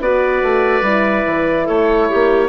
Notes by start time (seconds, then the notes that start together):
0.00 B3 F#4 B4 D5
0.42 A3
0.82 G3 E4
1.26 E3
1.65 A3 A4 C#5
2.09 A#3 G4